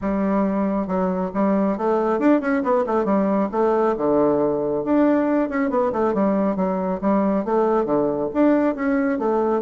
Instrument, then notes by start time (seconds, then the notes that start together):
bassoon
0.01 G3
0.87 F#3
1.34 G3
1.77 A3
2.19 D4
2.40 C#4
2.63 B3
2.86 A3
3.04 G3
3.51 A3
3.97 D3
4.84 D4
5.49 C#4
5.70 B3
5.92 A3
6.13 G3
6.56 F#3
7.01 G3
7.44 A3
7.85 D3
8.33 D4
8.75 C#4
9.19 A3